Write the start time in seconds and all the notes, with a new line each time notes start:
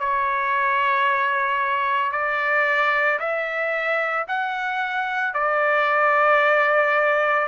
0.00 C#5
2.12 D5
3.19 E5
4.28 F#5
5.34 D5